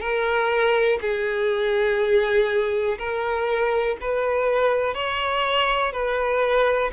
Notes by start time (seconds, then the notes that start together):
0.00 A#4
1.01 G#4
2.98 A#4
4.01 B4
4.94 C#5
5.92 B4